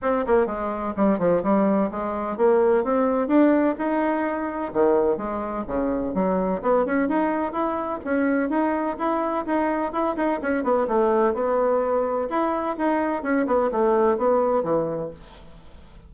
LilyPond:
\new Staff \with { instrumentName = "bassoon" } { \time 4/4 \tempo 4 = 127 c'8 ais8 gis4 g8 f8 g4 | gis4 ais4 c'4 d'4 | dis'2 dis4 gis4 | cis4 fis4 b8 cis'8 dis'4 |
e'4 cis'4 dis'4 e'4 | dis'4 e'8 dis'8 cis'8 b8 a4 | b2 e'4 dis'4 | cis'8 b8 a4 b4 e4 | }